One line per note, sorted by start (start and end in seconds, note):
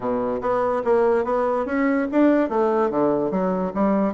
0.00 0.40 B2
0.41 0.82 B3
0.84 1.24 A#3
1.24 1.65 B3
1.65 2.07 C#4
2.11 2.49 D4
2.49 2.90 A3
2.90 3.30 D3
3.30 3.72 F#3
3.74 4.13 G3